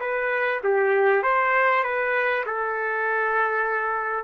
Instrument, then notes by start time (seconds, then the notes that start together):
trumpet
0.00 B4
0.64 G4
1.23 C5
1.83 B4
2.46 A4